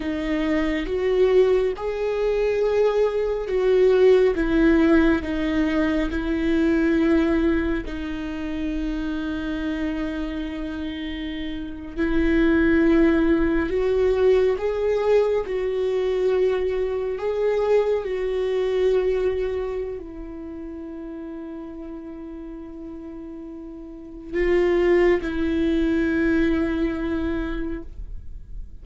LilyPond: \new Staff \with { instrumentName = "viola" } { \time 4/4 \tempo 4 = 69 dis'4 fis'4 gis'2 | fis'4 e'4 dis'4 e'4~ | e'4 dis'2.~ | dis'4.~ dis'16 e'2 fis'16~ |
fis'8. gis'4 fis'2 gis'16~ | gis'8. fis'2~ fis'16 e'4~ | e'1 | f'4 e'2. | }